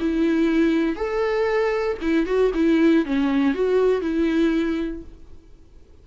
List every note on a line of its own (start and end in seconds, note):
0.00 0.96 E4
0.96 1.98 A4
2.02 2.27 E4
2.27 2.52 F#4
2.55 3.06 E4
3.06 3.54 C#4
3.54 4.02 F#4
4.02 5.03 E4